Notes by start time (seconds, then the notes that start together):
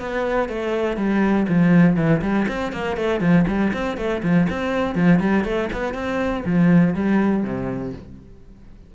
0.00 B3
0.49 A3
0.97 G3
1.49 F3
1.97 E3
2.22 G3
2.48 C4
2.73 A#3
2.98 A3
3.21 F3
3.48 G3
3.73 C4
3.98 A3
4.23 F3
4.50 C4
4.96 F3
5.20 G3
5.45 A3
5.73 B3
5.94 C4
6.46 F3
6.95 G3
7.44 C3